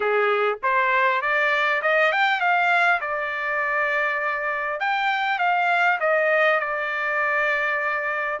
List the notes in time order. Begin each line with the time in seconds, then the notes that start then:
0.00 G#4
0.62 C5
1.21 D5
1.82 D#5
2.12 G5
2.40 F5
3.00 D5
4.79 G5
5.38 F5
5.99 D#5
6.59 D5